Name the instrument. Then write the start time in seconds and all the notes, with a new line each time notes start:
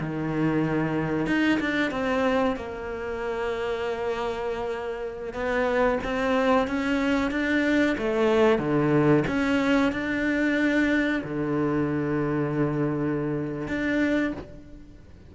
cello
0.00 D#3
1.27 D#4
1.60 D4
1.91 C4
2.56 A#3
5.33 B3
6.04 C4
6.67 C#4
7.31 D4
7.98 A3
8.58 D3
9.27 C#4
9.92 D4
11.24 D3
13.68 D4